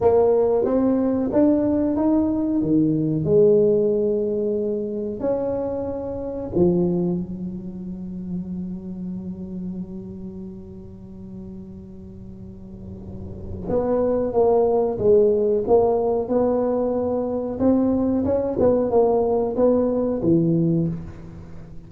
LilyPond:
\new Staff \with { instrumentName = "tuba" } { \time 4/4 \tempo 4 = 92 ais4 c'4 d'4 dis'4 | dis4 gis2. | cis'2 f4 fis4~ | fis1~ |
fis1~ | fis4 b4 ais4 gis4 | ais4 b2 c'4 | cis'8 b8 ais4 b4 e4 | }